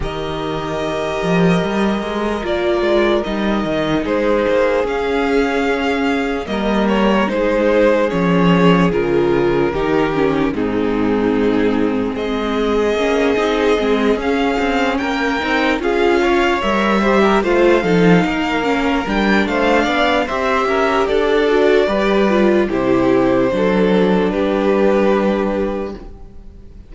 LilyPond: <<
  \new Staff \with { instrumentName = "violin" } { \time 4/4 \tempo 4 = 74 dis''2. d''4 | dis''4 c''4 f''2 | dis''8 cis''8 c''4 cis''4 ais'4~ | ais'4 gis'2 dis''4~ |
dis''4. f''4 g''4 f''8~ | f''8 e''4 f''2 g''8 | f''4 e''4 d''2 | c''2 b'2 | }
  \new Staff \with { instrumentName = "violin" } { \time 4/4 ais'1~ | ais'4 gis'2. | ais'4 gis'2. | g'4 dis'2 gis'4~ |
gis'2~ gis'8 ais'4 gis'8 | cis''4 c''16 ais'16 c''8 a'8 ais'4. | c''8 d''8 c''8 ais'8 a'4 b'4 | g'4 a'4 g'2 | }
  \new Staff \with { instrumentName = "viola" } { \time 4/4 g'2. f'4 | dis'2 cis'2 | ais4 dis'4 cis'4 f'4 | dis'8 cis'8 c'2. |
cis'8 dis'8 c'8 cis'4. dis'8 f'8~ | f'8 ais'8 g'8 f'8 dis'4 cis'8 d'8~ | d'4 g'4. fis'8 g'8 f'8 | e'4 d'2. | }
  \new Staff \with { instrumentName = "cello" } { \time 4/4 dis4. f8 g8 gis8 ais8 gis8 | g8 dis8 gis8 ais8 cis'2 | g4 gis4 f4 cis4 | dis4 gis,2 gis4 |
ais8 c'8 gis8 cis'8 c'8 ais8 c'8 cis'8~ | cis'8 g4 a8 f8 ais4 g8 | a8 b8 c'8 cis'8 d'4 g4 | c4 fis4 g2 | }
>>